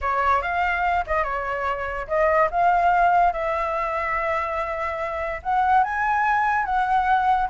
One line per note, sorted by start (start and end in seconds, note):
0.01 0.42 C#5
0.42 1.04 F5
1.06 1.23 D#5
1.23 2.07 C#5
2.07 2.49 D#5
2.51 3.33 F5
3.33 5.41 E5
5.42 5.83 F#5
5.83 6.65 G#5
6.65 7.48 F#5